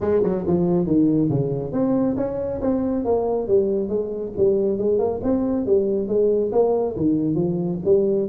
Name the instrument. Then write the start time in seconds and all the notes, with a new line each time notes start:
tuba
0.01 G#3
0.23 F#3
0.46 F3
0.86 D#3
1.29 C#3
1.72 C4
2.17 C#4
2.61 C4
3.04 A#3
3.47 G3
3.89 G#3
4.37 G3
4.77 G#3
4.98 A#3
5.23 C4
5.65 G3
6.08 G#3
6.52 A#3
6.96 D#3
7.35 F3
7.84 G3